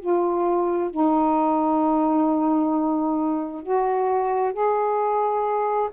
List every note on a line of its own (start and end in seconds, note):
0.00 0.91 F4
0.91 3.63 D#4
3.63 4.53 F#4
4.53 5.90 G#4